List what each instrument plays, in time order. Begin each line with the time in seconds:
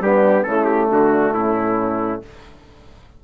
0.00 bassoon G3, trombone B3, horn D4, trumpet G4
0.43 bassoon C#3, trombone A3, horn E4, trumpet A4
0.65 trumpet G4
0.89 bassoon D3, horn D4, trumpet F#4
1.33 bassoon A2, horn C#4, trumpet E4